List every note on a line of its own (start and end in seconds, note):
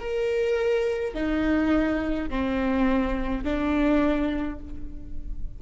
0.00 1.14 A#4
1.14 2.30 D#4
2.30 3.44 C4
3.44 4.59 D4